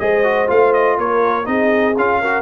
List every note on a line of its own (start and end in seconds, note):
0.00 0.50 G#3
0.00 0.24 G#4
0.00 0.99 C5
0.00 0.49 D#5
0.24 0.48 F#4
0.48 0.99 A3
0.48 1.45 F4
0.48 0.74 F5
0.74 0.98 D#5
0.99 1.48 A#3
0.99 1.48 A#4
0.99 1.47 C#5
1.45 1.97 C4
1.45 1.94 D#4
1.45 2.21 G#4
1.45 1.96 D#5
1.97 2.43 C#4
1.97 2.23 F4
1.97 2.43 F5
2.21 2.43 F#4
2.21 2.43 A#4